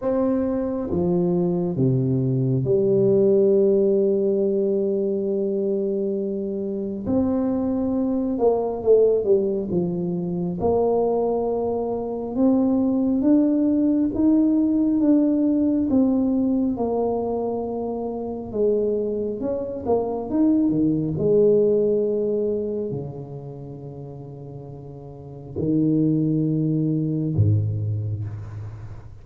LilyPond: \new Staff \with { instrumentName = "tuba" } { \time 4/4 \tempo 4 = 68 c'4 f4 c4 g4~ | g1 | c'4. ais8 a8 g8 f4 | ais2 c'4 d'4 |
dis'4 d'4 c'4 ais4~ | ais4 gis4 cis'8 ais8 dis'8 dis8 | gis2 cis2~ | cis4 dis2 gis,4 | }